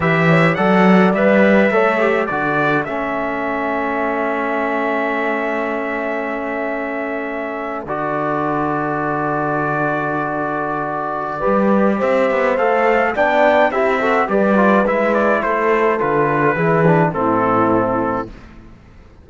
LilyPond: <<
  \new Staff \with { instrumentName = "trumpet" } { \time 4/4 \tempo 4 = 105 e''4 fis''4 e''2 | d''4 e''2.~ | e''1~ | e''4.~ e''16 d''2~ d''16~ |
d''1~ | d''4 e''4 f''4 g''4 | e''4 d''4 e''8 d''8 c''4 | b'2 a'2 | }
  \new Staff \with { instrumentName = "horn" } { \time 4/4 b'8 cis''8 d''2 cis''4 | a'1~ | a'1~ | a'1~ |
a'1 | b'4 c''2 d''4 | g'8 a'8 b'2 a'4~ | a'4 gis'4 e'2 | }
  \new Staff \with { instrumentName = "trombone" } { \time 4/4 g'4 a'4 b'4 a'8 g'8 | fis'4 cis'2.~ | cis'1~ | cis'4.~ cis'16 fis'2~ fis'16~ |
fis'1 | g'2 a'4 d'4 | e'8 fis'8 g'8 f'8 e'2 | f'4 e'8 d'8 c'2 | }
  \new Staff \with { instrumentName = "cello" } { \time 4/4 e4 fis4 g4 a4 | d4 a2.~ | a1~ | a4.~ a16 d2~ d16~ |
d1 | g4 c'8 b8 a4 b4 | c'4 g4 gis4 a4 | d4 e4 a,2 | }
>>